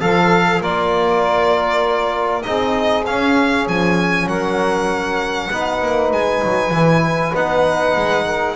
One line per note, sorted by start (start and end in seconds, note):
0.00 0.60 F3
0.00 0.61 A4
0.00 0.60 A4
0.00 0.62 F5
0.60 2.44 A#3
0.60 2.42 F4
0.60 2.43 A#4
0.60 2.42 D5
2.42 3.07 C4
2.42 3.03 D#4
2.42 4.28 G#4
2.42 3.04 D#5
3.06 3.67 C#4
3.06 5.52 C#4
3.06 3.67 F5
3.67 4.26 F3
3.67 4.28 G#5
4.26 5.48 F#3
4.26 5.51 A#4
4.26 6.11 F#5
5.50 5.81 B3
5.50 6.72 D#4
5.50 8.24 B4
5.81 6.12 A#3
6.12 6.42 G#3
6.12 7.34 G#5
6.44 6.70 F#3
6.70 7.32 E3
6.70 7.33 E4
7.34 7.95 B3
7.34 8.55 D#4
7.34 8.55 F#5
7.96 8.55 G#3
8.24 8.55 A#4